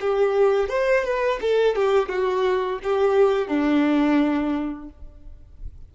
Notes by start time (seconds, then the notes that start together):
0.00 G4
0.69 C5
1.04 B4
1.41 A4
1.75 G4
2.08 F#4
2.83 G4
3.47 D4